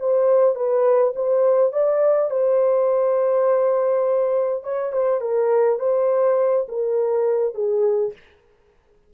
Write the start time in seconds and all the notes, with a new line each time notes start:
0.00 C5
0.55 B4
1.16 C5
1.73 D5
2.31 C5
4.64 C#5
4.93 C5
5.21 A#4
5.79 C5
6.69 A#4
7.55 G#4